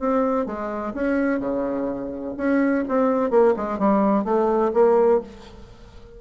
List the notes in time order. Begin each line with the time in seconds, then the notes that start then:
0.00 C4
0.47 G#3
0.94 C#4
1.40 C#3
2.38 C#4
2.89 C4
3.31 A#3
3.57 G#3
3.79 G3
4.25 A3
4.74 A#3